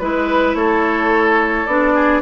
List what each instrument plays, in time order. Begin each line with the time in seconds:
0.00 bassoon G#3, clarinet E4, flute B4, oboe B4
0.55 bassoon A3, oboe A4, flute C#5
1.66 bassoon B3, clarinet D4, flute D5
1.95 oboe G#4